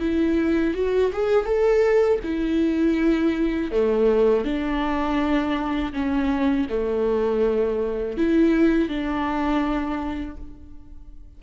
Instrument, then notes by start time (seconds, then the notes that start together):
viola
0.00 E4
0.74 F#4
1.12 G#4
1.45 A4
2.24 E4
3.71 A3
4.44 D4
5.93 C#4
6.69 A3
8.18 E4
8.89 D4